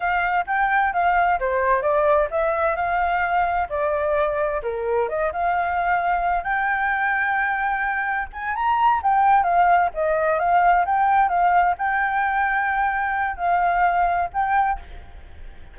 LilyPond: \new Staff \with { instrumentName = "flute" } { \time 4/4 \tempo 4 = 130 f''4 g''4 f''4 c''4 | d''4 e''4 f''2 | d''2 ais'4 dis''8 f''8~ | f''2 g''2~ |
g''2 gis''8 ais''4 g''8~ | g''8 f''4 dis''4 f''4 g''8~ | g''8 f''4 g''2~ g''8~ | g''4 f''2 g''4 | }